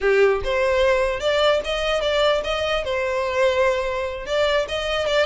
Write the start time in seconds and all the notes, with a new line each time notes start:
0.01 G4
0.43 C5
1.20 D5
1.64 D#5
2.01 D5
2.43 D#5
2.84 C5
4.26 D5
4.68 D#5
5.06 D5